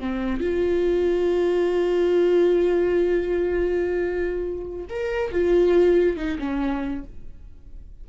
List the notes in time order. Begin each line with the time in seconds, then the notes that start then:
0.00 C4
0.41 F4
4.90 A#4
5.32 F4
6.17 D#4
6.40 C#4